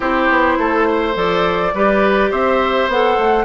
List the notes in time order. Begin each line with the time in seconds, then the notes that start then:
0.00 C4 E4 G4 C5
0.29 B3
0.58 A3 A4
0.87 C5
1.14 F3 A4 D5
1.73 G3 G4 B4
2.30 C4 C5 E5
2.88 B3 A4 F#5
3.18 A3